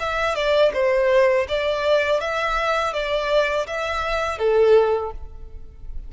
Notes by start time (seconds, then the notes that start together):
0.00 E5
0.36 D5
0.74 C5
1.49 D5
2.21 E5
2.94 D5
3.67 E5
4.39 A4